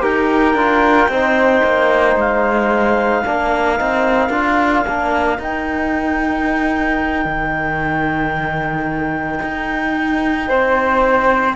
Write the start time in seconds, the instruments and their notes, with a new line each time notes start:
0.00 cello D#4, trombone G4, flute A#4, clarinet G5
0.54 cello D4, trombone F4
1.08 cello C4, trombone D#4, flute C5
1.63 cello A#3
2.15 cello G#3, clarinet F5
3.25 cello A#3, trombone D4, flute A#4
3.77 cello C4, trombone D#4
4.29 cello D4, trombone F4
4.87 cello A#3, trombone D4
5.38 cello D#4, trombone D#4, clarinet G5
7.25 cello D#3
9.42 cello D#4
10.48 cello C4, flute C5